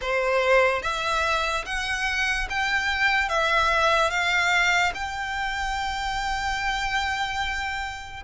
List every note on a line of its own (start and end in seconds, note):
0.01 0.82 C5
0.82 1.64 E5
1.65 2.47 F#5
2.49 3.28 G5
3.28 4.10 E5
4.10 4.92 F5
4.94 8.23 G5